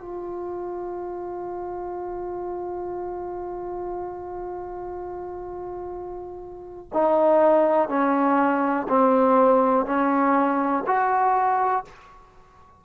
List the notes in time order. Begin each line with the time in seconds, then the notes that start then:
0.00 F4
6.93 D#4
7.88 C#4
8.88 C4
9.85 C#4
10.86 F#4